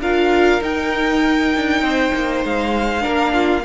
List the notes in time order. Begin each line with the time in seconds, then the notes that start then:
0.00 D4 F4 A#4 F5
0.62 D#4 G5
1.56 D4
1.82 C4 C5
2.15 A#3
2.45 G#3 F5
3.01 A#3 D4 A#4
3.33 F4